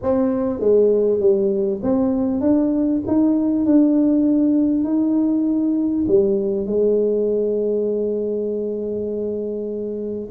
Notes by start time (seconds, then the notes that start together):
0.02 C4
0.59 G#3
1.20 G3
1.83 C4
2.40 D4
3.07 D#4
3.65 D4
4.84 D#4
6.07 G3
6.66 G#3